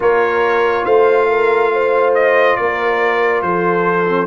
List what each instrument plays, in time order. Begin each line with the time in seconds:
0.00 tuba A#3, trombone F4, horn A#4, trumpet C#5
0.84 tuba A3, horn C5, trumpet F5
1.29 horn A#4
1.73 horn C5
2.14 trumpet D#5
2.56 tuba A#3, horn A#4, trumpet D5
3.42 tuba F3, horn A4, trumpet C5
4.08 trombone C4